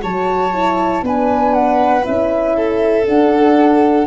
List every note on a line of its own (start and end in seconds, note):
0.00 1.02 F#3
0.00 0.51 F#4
0.00 1.04 C#5
0.00 1.04 A5
0.53 1.03 E4
1.02 2.04 B3
1.02 2.02 D4
1.02 2.56 B4
1.02 1.53 G#5
1.53 2.04 F#5
2.02 3.08 C#4
2.02 3.04 E4
2.02 3.06 E5
2.56 4.07 A4
3.06 4.07 D4
3.06 4.07 F#5